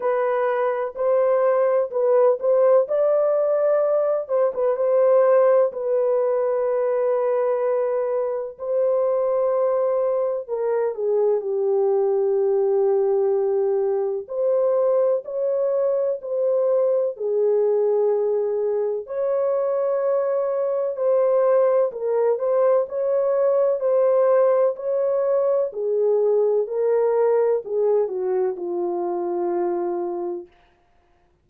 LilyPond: \new Staff \with { instrumentName = "horn" } { \time 4/4 \tempo 4 = 63 b'4 c''4 b'8 c''8 d''4~ | d''8 c''16 b'16 c''4 b'2~ | b'4 c''2 ais'8 gis'8 | g'2. c''4 |
cis''4 c''4 gis'2 | cis''2 c''4 ais'8 c''8 | cis''4 c''4 cis''4 gis'4 | ais'4 gis'8 fis'8 f'2 | }